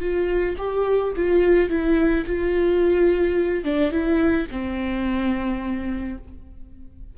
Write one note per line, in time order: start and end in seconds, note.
0.00 0.56 F4
0.58 1.13 G4
1.16 1.69 F4
1.69 2.25 E4
2.26 3.64 F4
3.64 3.91 D4
3.91 4.47 E4
4.51 6.18 C4